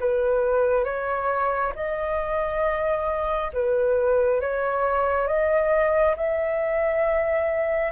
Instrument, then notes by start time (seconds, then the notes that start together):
flute
0.00 B4
0.84 C#5
1.75 D#5
3.53 B4
4.41 C#5
5.27 D#5
6.16 E5